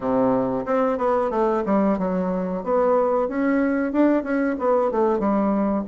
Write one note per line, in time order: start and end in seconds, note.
0.00 0.65 C3
0.65 0.98 C4
0.98 1.30 B3
1.30 1.63 A3
1.65 1.98 G3
1.98 2.63 F#3
2.63 3.28 B3
3.28 3.92 C#4
3.92 4.23 D4
4.23 4.56 C#4
4.58 4.91 B3
4.91 5.18 A3
5.18 5.84 G3